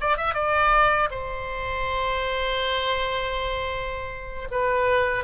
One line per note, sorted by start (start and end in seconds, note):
0.00 0.17 D5
0.17 0.34 E5
0.34 1.09 D5
1.10 4.48 C5
4.51 5.24 B4